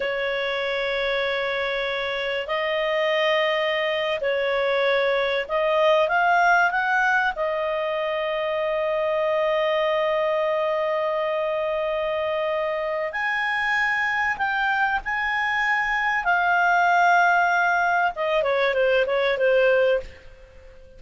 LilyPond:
\new Staff \with { instrumentName = "clarinet" } { \time 4/4 \tempo 4 = 96 cis''1 | dis''2~ dis''8. cis''4~ cis''16~ | cis''8. dis''4 f''4 fis''4 dis''16~ | dis''1~ |
dis''1~ | dis''4 gis''2 g''4 | gis''2 f''2~ | f''4 dis''8 cis''8 c''8 cis''8 c''4 | }